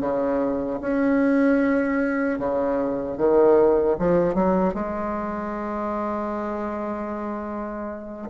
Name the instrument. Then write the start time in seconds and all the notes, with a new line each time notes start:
bassoon
0.00 C#3
0.80 C#4
2.38 C#3
3.17 D#3
3.98 F3
4.34 F#3
4.74 G#3